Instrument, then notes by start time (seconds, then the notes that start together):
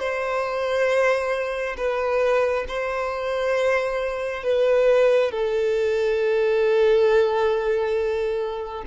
violin
0.00 C5
1.77 B4
2.68 C5
4.44 B4
5.31 A4